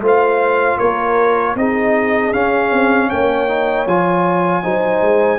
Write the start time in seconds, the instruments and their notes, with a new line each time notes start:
0.00 tuba A3, trombone F4, horn C5
0.07 trumpet F5
0.77 tuba A#3, horn A#4, trumpet C#5
1.55 tuba C4, trombone D#4, horn G#4, trumpet D#5
2.33 trombone C#4, tuba C#4, trumpet F5
2.72 tuba C4
3.08 tuba A#3, horn C#5, trumpet G5
3.48 trombone D#4
3.87 tuba F3, trombone F4, trumpet G#5
4.63 tuba F#3, trombone D#4, horn C5
5.01 tuba G#3